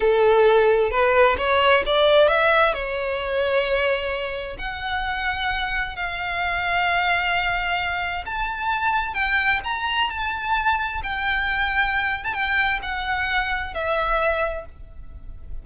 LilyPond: \new Staff \with { instrumentName = "violin" } { \time 4/4 \tempo 4 = 131 a'2 b'4 cis''4 | d''4 e''4 cis''2~ | cis''2 fis''2~ | fis''4 f''2.~ |
f''2 a''2 | g''4 ais''4 a''2 | g''2~ g''8. a''16 g''4 | fis''2 e''2 | }